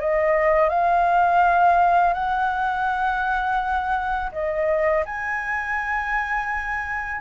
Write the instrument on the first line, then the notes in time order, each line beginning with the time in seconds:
flute
0.00 D#5
0.69 F5
2.14 F#5
4.32 D#5
5.05 G#5